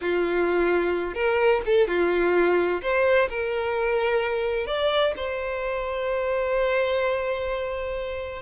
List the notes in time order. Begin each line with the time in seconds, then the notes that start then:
0.01 F4
1.14 A#4
1.65 A4
1.87 F4
2.81 C5
3.29 A#4
4.66 D5
5.16 C5